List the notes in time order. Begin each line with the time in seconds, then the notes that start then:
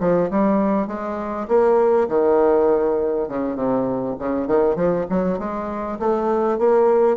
0.00 F3
0.31 G3
0.87 G#3
1.48 A#3
2.08 D#3
3.28 C#3
3.55 C3
4.19 C#3
4.47 D#3
4.75 F3
5.09 F#3
5.39 G#3
5.99 A3
6.58 A#3